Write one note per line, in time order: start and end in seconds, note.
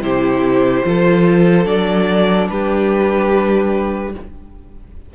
0.00 0.82 C3
0.00 0.84 E4
0.00 0.86 G4
0.00 1.66 C5
0.84 1.66 F3
0.84 1.65 F4
0.84 2.50 A4
1.65 2.48 F#3
1.65 4.11 D4
1.65 2.48 D5
2.49 4.15 G3
2.49 4.14 G4
2.49 4.14 B4